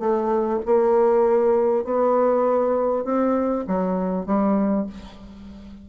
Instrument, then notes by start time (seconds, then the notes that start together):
bassoon
0.00 A3
0.66 A#3
1.85 B3
3.05 C4
3.67 F#3
4.26 G3